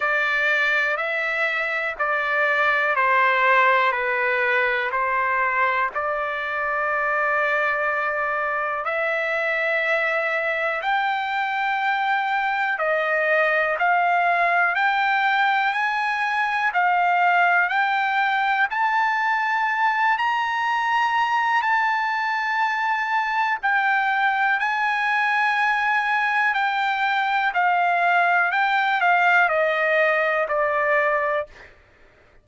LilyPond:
\new Staff \with { instrumentName = "trumpet" } { \time 4/4 \tempo 4 = 61 d''4 e''4 d''4 c''4 | b'4 c''4 d''2~ | d''4 e''2 g''4~ | g''4 dis''4 f''4 g''4 |
gis''4 f''4 g''4 a''4~ | a''8 ais''4. a''2 | g''4 gis''2 g''4 | f''4 g''8 f''8 dis''4 d''4 | }